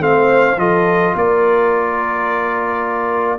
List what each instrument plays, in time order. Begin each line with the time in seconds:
0.00 tuba A3, trombone C4, horn C5, trumpet F5
0.57 tuba F3, trombone F4, horn A4, trumpet D#5
1.15 tuba A#3, horn A#4, trumpet D5